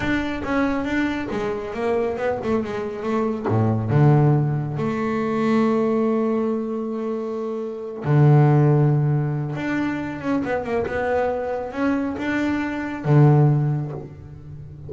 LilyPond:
\new Staff \with { instrumentName = "double bass" } { \time 4/4 \tempo 4 = 138 d'4 cis'4 d'4 gis4 | ais4 b8 a8 gis4 a4 | a,4 d2 a4~ | a1~ |
a2~ a8 d4.~ | d2 d'4. cis'8 | b8 ais8 b2 cis'4 | d'2 d2 | }